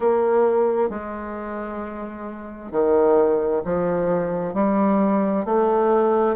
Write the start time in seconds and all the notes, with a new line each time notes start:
0.00 A#3
0.89 G#3
2.71 D#3
3.64 F3
4.54 G3
5.45 A3